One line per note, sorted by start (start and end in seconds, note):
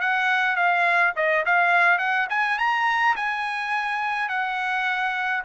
0.00 0.56 F#5
0.56 1.13 F5
1.16 1.44 D#5
1.45 1.98 F5
1.98 2.27 F#5
2.30 2.58 G#5
2.58 3.15 A#5
3.16 4.29 G#5
4.29 5.43 F#5